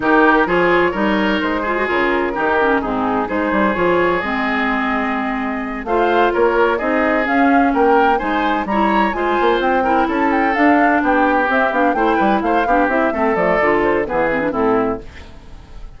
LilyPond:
<<
  \new Staff \with { instrumentName = "flute" } { \time 4/4 \tempo 4 = 128 ais'4 cis''2 c''4 | ais'2 gis'4 c''4 | cis''4 dis''2.~ | dis''8 f''4 cis''4 dis''4 f''8~ |
f''8 g''4 gis''4 ais''4 gis''8~ | gis''8 g''4 a''8 g''8 f''4 g''8~ | g''8 e''8 f''8 g''4 f''4 e''8~ | e''8 d''4 c''8 b'4 a'4 | }
  \new Staff \with { instrumentName = "oboe" } { \time 4/4 g'4 gis'4 ais'4. gis'8~ | gis'4 g'4 dis'4 gis'4~ | gis'1~ | gis'8 c''4 ais'4 gis'4.~ |
gis'8 ais'4 c''4 cis''4 c''8~ | c''4 ais'8 a'2 g'8~ | g'4. c''8 b'8 c''8 g'4 | a'2 gis'4 e'4 | }
  \new Staff \with { instrumentName = "clarinet" } { \time 4/4 dis'4 f'4 dis'4. f'16 fis'16 | f'4 dis'8 cis'8 c'4 dis'4 | f'4 c'2.~ | c'8 f'2 dis'4 cis'8~ |
cis'4. dis'4 e'4 f'8~ | f'4 e'4. d'4.~ | d'8 c'8 d'8 e'4. d'8 e'8 | c'8 a8 f'4 b8 c'16 d'16 c'4 | }
  \new Staff \with { instrumentName = "bassoon" } { \time 4/4 dis4 f4 g4 gis4 | cis4 dis4 gis,4 gis8 g8 | f4 gis2.~ | gis8 a4 ais4 c'4 cis'8~ |
cis'8 ais4 gis4 g4 gis8 | ais8 c'4 cis'4 d'4 b8~ | b8 c'8 b8 a8 g8 a8 b8 c'8 | a8 f8 d4 e4 a,4 | }
>>